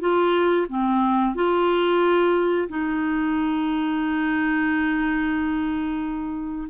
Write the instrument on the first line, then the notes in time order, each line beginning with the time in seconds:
clarinet
0.00 F4
0.68 C4
1.35 F4
2.68 D#4